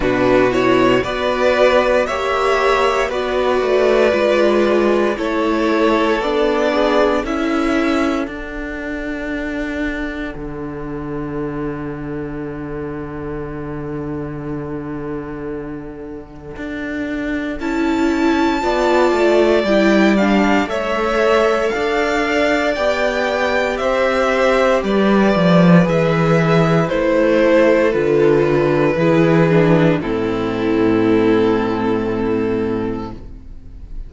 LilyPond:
<<
  \new Staff \with { instrumentName = "violin" } { \time 4/4 \tempo 4 = 58 b'8 cis''8 d''4 e''4 d''4~ | d''4 cis''4 d''4 e''4 | fis''1~ | fis''1~ |
fis''4 a''2 g''8 f''8 | e''4 f''4 g''4 e''4 | d''4 e''4 c''4 b'4~ | b'4 a'2. | }
  \new Staff \with { instrumentName = "violin" } { \time 4/4 fis'4 b'4 cis''4 b'4~ | b'4 a'4. gis'8 a'4~ | a'1~ | a'1~ |
a'2 d''2 | cis''4 d''2 c''4 | b'2~ b'8 a'4. | gis'4 e'2. | }
  \new Staff \with { instrumentName = "viola" } { \time 4/4 d'8 e'8 fis'4 g'4 fis'4 | f'4 e'4 d'4 e'4 | d'1~ | d'1~ |
d'4 e'4 f'4 e'8 d'8 | a'2 g'2~ | g'4 gis'4 e'4 f'4 | e'8 d'8 c'2. | }
  \new Staff \with { instrumentName = "cello" } { \time 4/4 b,4 b4 ais4 b8 a8 | gis4 a4 b4 cis'4 | d'2 d2~ | d1 |
d'4 cis'4 b8 a8 g4 | a4 d'4 b4 c'4 | g8 f8 e4 a4 d4 | e4 a,2. | }
>>